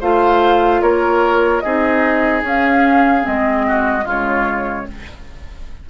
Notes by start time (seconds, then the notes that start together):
0.00 A3 F4 C5 F5
0.82 A#3 A#4 C#5
1.60 C4 D#4 G#4 D#5
2.43 C#4 F5
3.21 C4 D#5
3.27 G#3
3.68 F#4
4.04 C#3 G#3 F4 C#5